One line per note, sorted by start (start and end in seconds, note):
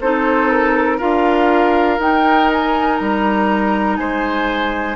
0.00 1.00 C4
0.00 0.99 D#4
0.00 0.97 A4
0.00 0.49 C5
0.49 0.99 A#4
0.97 1.98 D4
0.97 1.99 F4
0.97 3.97 A#4
0.97 2.00 F5
1.98 2.98 D#4
1.98 4.96 D#4
1.98 2.51 G5
2.51 2.97 G#5
2.97 3.97 G3
2.97 3.96 A#5
3.96 4.96 G#3
3.96 4.96 C5
3.96 4.96 G#5